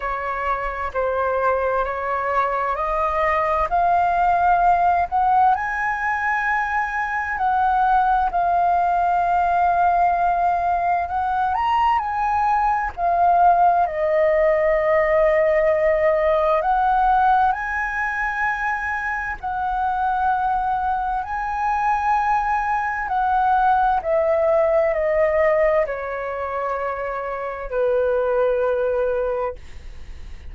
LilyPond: \new Staff \with { instrumentName = "flute" } { \time 4/4 \tempo 4 = 65 cis''4 c''4 cis''4 dis''4 | f''4. fis''8 gis''2 | fis''4 f''2. | fis''8 ais''8 gis''4 f''4 dis''4~ |
dis''2 fis''4 gis''4~ | gis''4 fis''2 gis''4~ | gis''4 fis''4 e''4 dis''4 | cis''2 b'2 | }